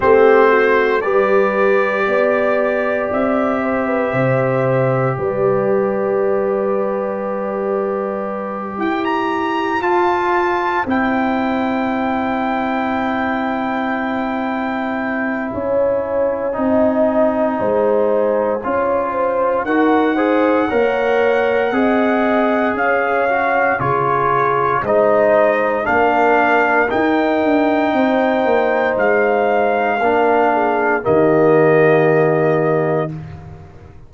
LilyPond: <<
  \new Staff \with { instrumentName = "trumpet" } { \time 4/4 \tempo 4 = 58 c''4 d''2 e''4~ | e''4 d''2.~ | d''8 g''16 ais''8. a''4 g''4.~ | g''2. gis''4~ |
gis''2. fis''4~ | fis''2 f''4 cis''4 | dis''4 f''4 g''2 | f''2 dis''2 | }
  \new Staff \with { instrumentName = "horn" } { \time 4/4 g'8 fis'8 b'4 d''4. c''16 b'16 | c''4 b'2.~ | b'8 c''2.~ c''8~ | c''2. cis''4 |
dis''4 c''4 cis''8 c''8 ais'8 c''8 | cis''4 dis''4 cis''4 gis'4 | c''4 ais'2 c''4~ | c''4 ais'8 gis'8 g'2 | }
  \new Staff \with { instrumentName = "trombone" } { \time 4/4 c'4 g'2.~ | g'1~ | g'4. f'4 e'4.~ | e'1 |
dis'2 f'4 fis'8 gis'8 | ais'4 gis'4. fis'8 f'4 | dis'4 d'4 dis'2~ | dis'4 d'4 ais2 | }
  \new Staff \with { instrumentName = "tuba" } { \time 4/4 a4 g4 b4 c'4 | c4 g2.~ | g8 e'4 f'4 c'4.~ | c'2. cis'4 |
c'4 gis4 cis'4 dis'4 | ais4 c'4 cis'4 cis4 | gis4 ais4 dis'8 d'8 c'8 ais8 | gis4 ais4 dis2 | }
>>